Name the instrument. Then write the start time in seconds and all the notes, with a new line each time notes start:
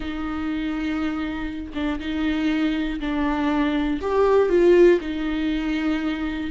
viola
0.00 D#4
1.74 D4
1.99 D#4
3.00 D4
4.01 G4
4.49 F4
5.00 D#4